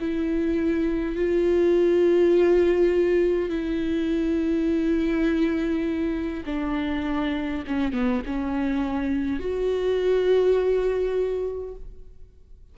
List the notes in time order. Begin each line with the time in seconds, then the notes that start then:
0.00 E4
1.16 F4
3.50 E4
6.46 D4
7.67 C#4
7.93 B3
8.26 C#4
9.40 F#4